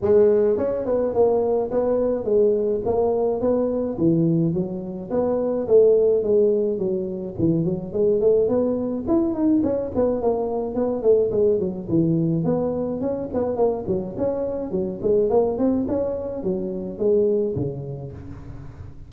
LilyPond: \new Staff \with { instrumentName = "tuba" } { \time 4/4 \tempo 4 = 106 gis4 cis'8 b8 ais4 b4 | gis4 ais4 b4 e4 | fis4 b4 a4 gis4 | fis4 e8 fis8 gis8 a8 b4 |
e'8 dis'8 cis'8 b8 ais4 b8 a8 | gis8 fis8 e4 b4 cis'8 b8 | ais8 fis8 cis'4 fis8 gis8 ais8 c'8 | cis'4 fis4 gis4 cis4 | }